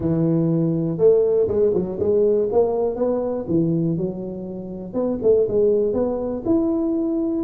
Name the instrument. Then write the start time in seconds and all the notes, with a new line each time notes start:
tuba
0.00 E3
0.98 A3
1.48 G#3
1.74 F#3
1.99 G#3
2.52 A#3
2.95 B3
3.48 E3
3.97 F#3
4.93 B3
5.22 A3
5.48 G#3
5.93 B3
6.45 E4